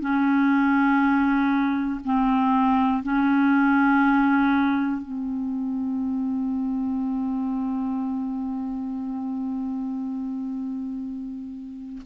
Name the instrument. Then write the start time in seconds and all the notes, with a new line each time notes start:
clarinet
0.00 C#4
2.04 C4
3.03 C#4
5.02 C4